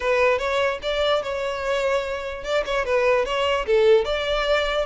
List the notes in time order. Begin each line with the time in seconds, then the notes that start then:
0.00 B4
0.38 C#5
0.82 D5
1.22 C#5
2.43 D5
2.65 C#5
2.85 B4
3.25 C#5
3.66 A4
4.04 D5